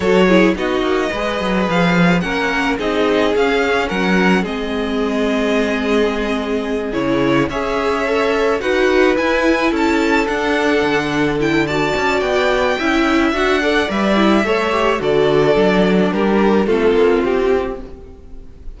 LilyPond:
<<
  \new Staff \with { instrumentName = "violin" } { \time 4/4 \tempo 4 = 108 cis''4 dis''2 f''4 | fis''4 dis''4 f''4 fis''4 | dis''1~ | dis''8 cis''4 e''2 fis''8~ |
fis''8 gis''4 a''4 fis''4.~ | fis''8 g''8 a''4 g''2 | fis''4 e''2 d''4~ | d''4 ais'4 a'4 g'4 | }
  \new Staff \with { instrumentName = "violin" } { \time 4/4 a'8 gis'8 fis'4 b'2 | ais'4 gis'2 ais'4 | gis'1~ | gis'4. cis''2 b'8~ |
b'4. a'2~ a'8~ | a'4 d''2 e''4~ | e''8 d''4. cis''4 a'4~ | a'4 g'4 f'2 | }
  \new Staff \with { instrumentName = "viola" } { \time 4/4 fis'8 e'8 dis'4 gis'2 | cis'4 dis'4 cis'2 | c'1~ | c'8 e'4 gis'4 a'4 fis'8~ |
fis'8 e'2 d'4.~ | d'8 e'8 fis'2 e'4 | fis'8 a'8 b'8 e'8 a'8 g'8 fis'4 | d'2 c'2 | }
  \new Staff \with { instrumentName = "cello" } { \time 4/4 fis4 b8 ais8 gis8 fis8 f4 | ais4 c'4 cis'4 fis4 | gis1~ | gis8 cis4 cis'2 dis'8~ |
dis'8 e'4 cis'4 d'4 d8~ | d4. cis'8 b4 cis'4 | d'4 g4 a4 d4 | fis4 g4 a8 ais8 c'4 | }
>>